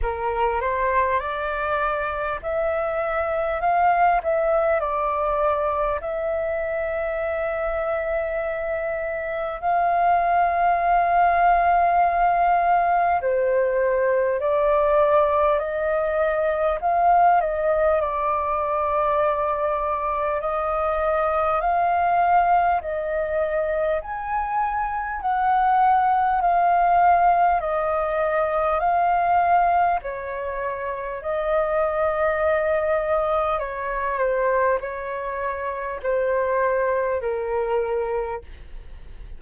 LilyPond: \new Staff \with { instrumentName = "flute" } { \time 4/4 \tempo 4 = 50 ais'8 c''8 d''4 e''4 f''8 e''8 | d''4 e''2. | f''2. c''4 | d''4 dis''4 f''8 dis''8 d''4~ |
d''4 dis''4 f''4 dis''4 | gis''4 fis''4 f''4 dis''4 | f''4 cis''4 dis''2 | cis''8 c''8 cis''4 c''4 ais'4 | }